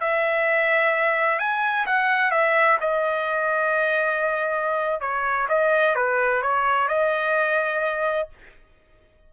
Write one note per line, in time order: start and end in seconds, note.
0.00 1.39 E5
1.39 1.86 G#5
1.86 2.31 F#5
2.31 2.78 E5
2.80 5.00 D#5
5.00 5.47 C#5
5.48 5.95 D#5
5.95 6.42 B4
6.42 6.88 C#5
6.88 8.29 D#5